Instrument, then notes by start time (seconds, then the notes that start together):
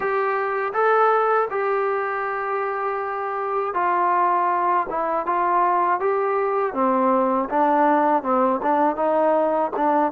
trombone
0.00 G4
0.73 A4
1.50 G4
3.74 F4
4.89 E4
5.26 F4
6.00 G4
6.73 C4
7.49 D4
8.23 C4
8.62 D4
8.96 D#4
9.76 D4